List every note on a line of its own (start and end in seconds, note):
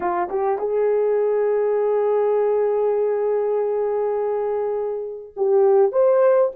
0.00 0.29 F4
0.29 0.58 G4
0.58 5.33 G#4
5.36 5.92 G4
5.92 6.51 C5